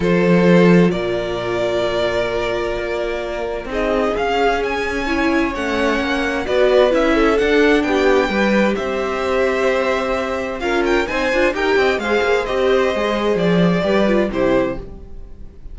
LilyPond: <<
  \new Staff \with { instrumentName = "violin" } { \time 4/4 \tempo 4 = 130 c''2 d''2~ | d''1 | dis''4 f''4 gis''2 | fis''2 d''4 e''4 |
fis''4 g''2 e''4~ | e''2. f''8 g''8 | gis''4 g''4 f''4 dis''4~ | dis''4 d''2 c''4 | }
  \new Staff \with { instrumentName = "violin" } { \time 4/4 a'2 ais'2~ | ais'1 | gis'2. cis''4~ | cis''2 b'4. a'8~ |
a'4 g'4 b'4 c''4~ | c''2. ais'4 | c''4 ais'8 dis''8 c''2~ | c''2 b'4 g'4 | }
  \new Staff \with { instrumentName = "viola" } { \time 4/4 f'1~ | f'1 | dis'4 cis'2 e'4 | cis'2 fis'4 e'4 |
d'2 g'2~ | g'2. f'4 | dis'8 f'8 g'4 gis'4 g'4 | gis'2 g'8 f'8 e'4 | }
  \new Staff \with { instrumentName = "cello" } { \time 4/4 f2 ais,2~ | ais,2 ais2 | c'4 cis'2. | a4 ais4 b4 cis'4 |
d'4 b4 g4 c'4~ | c'2. cis'4 | c'8 d'8 dis'8 c'8 gis8 ais8 c'4 | gis4 f4 g4 c4 | }
>>